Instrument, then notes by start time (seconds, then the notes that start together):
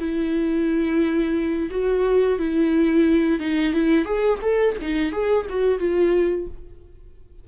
viola
0.00 E4
1.71 F#4
2.39 E4
3.40 D#4
3.74 E4
4.06 G#4
4.42 A4
4.82 D#4
5.13 G#4
5.50 F#4
5.80 F4